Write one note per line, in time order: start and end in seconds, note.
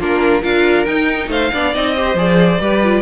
0.00 0.44 A#3
0.00 0.43 D4
0.00 0.42 F4
0.00 0.44 A#4
0.42 0.87 D4
0.42 0.87 F4
0.42 1.29 A#4
0.42 0.86 F5
0.86 1.28 D#4
0.86 1.53 D#4
0.86 1.29 G5
1.28 1.50 A3
1.28 1.52 C5
1.28 1.75 F5
1.53 1.76 B3
1.53 1.75 D4
1.53 1.97 D5
1.75 2.15 C4
1.75 1.96 D#4
1.75 2.18 D#5
1.97 2.17 G4
1.97 2.61 C5
2.15 2.58 F3
2.15 2.61 G#4
2.15 3.02 D5
2.61 3.02 G3
2.61 2.82 G4
2.61 3.02 B4
2.84 3.02 F4